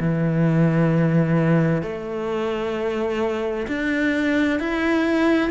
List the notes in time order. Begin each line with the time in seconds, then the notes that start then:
0.00 E3
1.83 A3
3.68 D4
4.60 E4